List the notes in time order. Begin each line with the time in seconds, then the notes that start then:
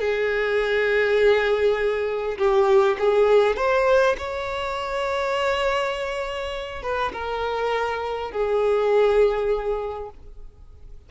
0.00 G#4
2.38 G4
2.99 G#4
3.56 C5
4.18 C#5
6.82 B4
7.13 A#4
8.31 G#4